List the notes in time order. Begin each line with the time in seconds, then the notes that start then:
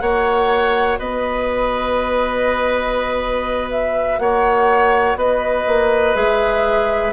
0.00 A#3 F#4 C#5 F#5
0.99 B3 B4 D#5
3.72 E5
4.19 A#3 C#5 F#5
5.16 B3 B4 D#5
5.67 A#3
6.14 G#3 G#4 E5